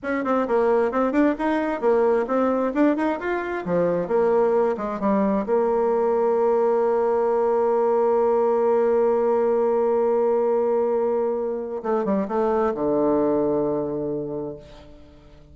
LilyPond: \new Staff \with { instrumentName = "bassoon" } { \time 4/4 \tempo 4 = 132 cis'8 c'8 ais4 c'8 d'8 dis'4 | ais4 c'4 d'8 dis'8 f'4 | f4 ais4. gis8 g4 | ais1~ |
ais1~ | ais1~ | ais2 a8 g8 a4 | d1 | }